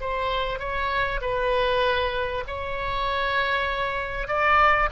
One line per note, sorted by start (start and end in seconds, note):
0.00 0.59 C5
0.59 1.20 C#5
1.21 2.44 B4
2.47 4.27 C#5
4.27 4.89 D5